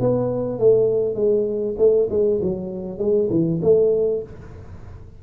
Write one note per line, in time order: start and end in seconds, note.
0.00 0.59 B3
0.59 1.15 A3
1.15 1.75 G#3
1.78 2.08 A3
2.10 2.40 G#3
2.42 2.99 F#3
2.99 3.29 G#3
3.30 3.60 E3
3.62 4.23 A3